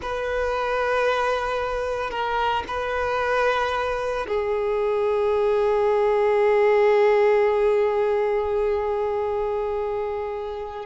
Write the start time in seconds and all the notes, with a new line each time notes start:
0.01 B4
2.10 A#4
2.67 B4
4.27 G#4